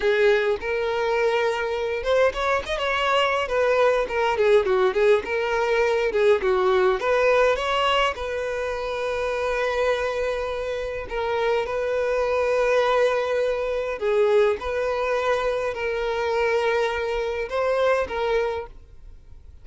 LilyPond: \new Staff \with { instrumentName = "violin" } { \time 4/4 \tempo 4 = 103 gis'4 ais'2~ ais'8 c''8 | cis''8 dis''16 cis''4~ cis''16 b'4 ais'8 gis'8 | fis'8 gis'8 ais'4. gis'8 fis'4 | b'4 cis''4 b'2~ |
b'2. ais'4 | b'1 | gis'4 b'2 ais'4~ | ais'2 c''4 ais'4 | }